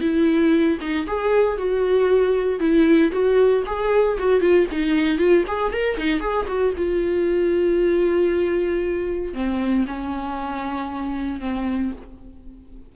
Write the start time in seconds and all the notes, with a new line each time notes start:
0.00 E4
0.80 D#4
1.07 G#4
1.57 F#4
2.60 E4
3.12 F#4
3.66 G#4
4.18 F#4
4.40 F4
4.71 D#4
5.18 F4
5.47 G#4
5.72 A#4
5.97 D#4
6.20 G#4
6.47 F#4
6.76 F4
9.34 C4
9.87 C#4
11.40 C4